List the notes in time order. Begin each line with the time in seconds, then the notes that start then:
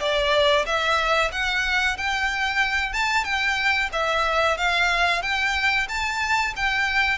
0.00 D5
0.66 E5
1.32 F#5
1.97 G5
2.93 A5
3.24 G5
3.92 E5
4.57 F5
5.22 G5
5.88 A5
6.56 G5